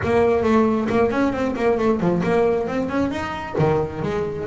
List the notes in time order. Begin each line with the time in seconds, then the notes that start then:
0.04 A#3
0.43 A3
0.89 A#3
1.10 C#4
1.32 C4
1.56 A#3
1.78 A3
2.00 F3
2.23 A#3
2.67 C4
2.89 C#4
3.10 D#4
3.58 D#3
4.02 G#3